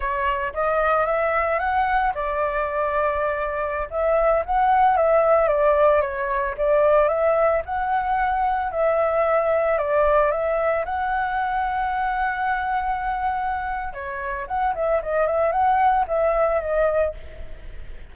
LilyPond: \new Staff \with { instrumentName = "flute" } { \time 4/4 \tempo 4 = 112 cis''4 dis''4 e''4 fis''4 | d''2.~ d''16 e''8.~ | e''16 fis''4 e''4 d''4 cis''8.~ | cis''16 d''4 e''4 fis''4.~ fis''16~ |
fis''16 e''2 d''4 e''8.~ | e''16 fis''2.~ fis''8.~ | fis''2 cis''4 fis''8 e''8 | dis''8 e''8 fis''4 e''4 dis''4 | }